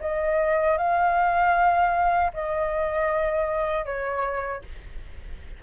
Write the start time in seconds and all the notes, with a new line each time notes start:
0.00 D#5
0.77 F5
2.33 D#5
3.85 C#5